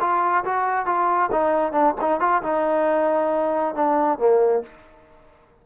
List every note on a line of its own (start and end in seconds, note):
0.00 0.44 F4
0.44 0.86 F#4
0.86 1.30 F4
1.32 1.72 D#4
1.72 1.94 D4
2.01 2.20 D#4
2.20 2.42 F4
2.42 3.75 D#4
3.75 4.18 D4
4.18 4.62 A#3